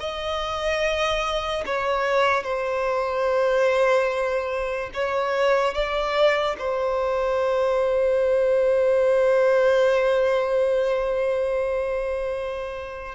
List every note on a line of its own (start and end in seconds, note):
0.00 1.64 D#5
1.66 2.44 C#5
2.44 4.91 C5
4.94 5.74 C#5
5.74 6.56 D5
6.59 13.15 C5